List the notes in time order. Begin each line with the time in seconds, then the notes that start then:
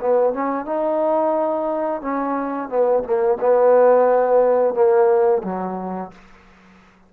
0.00 B3
0.34 C#4
0.66 D#4
2.01 C#4
2.69 B3
3.04 A#3
3.41 B3
4.74 A#3
5.43 F#3